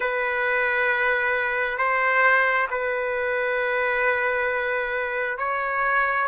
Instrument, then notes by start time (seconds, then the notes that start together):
trumpet
0.00 B4
1.78 C5
2.70 B4
5.37 C#5